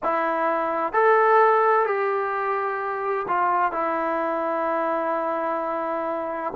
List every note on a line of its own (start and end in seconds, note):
0.03 0.92 E4
0.92 1.85 A4
1.85 3.26 G4
3.28 3.72 F4
3.72 6.53 E4